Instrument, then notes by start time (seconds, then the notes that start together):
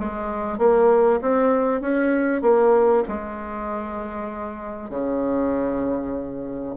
bassoon
0.00 G#3
0.59 A#3
1.22 C4
1.82 C#4
2.42 A#3
3.09 G#3
4.90 C#3